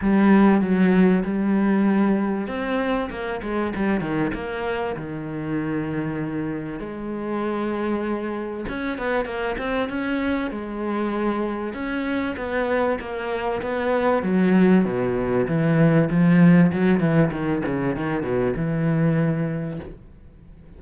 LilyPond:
\new Staff \with { instrumentName = "cello" } { \time 4/4 \tempo 4 = 97 g4 fis4 g2 | c'4 ais8 gis8 g8 dis8 ais4 | dis2. gis4~ | gis2 cis'8 b8 ais8 c'8 |
cis'4 gis2 cis'4 | b4 ais4 b4 fis4 | b,4 e4 f4 fis8 e8 | dis8 cis8 dis8 b,8 e2 | }